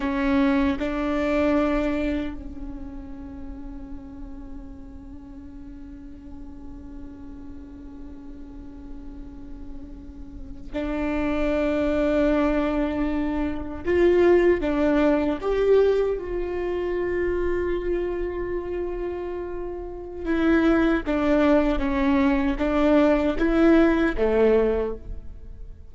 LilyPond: \new Staff \with { instrumentName = "viola" } { \time 4/4 \tempo 4 = 77 cis'4 d'2 cis'4~ | cis'1~ | cis'1~ | cis'4.~ cis'16 d'2~ d'16~ |
d'4.~ d'16 f'4 d'4 g'16~ | g'8. f'2.~ f'16~ | f'2 e'4 d'4 | cis'4 d'4 e'4 a4 | }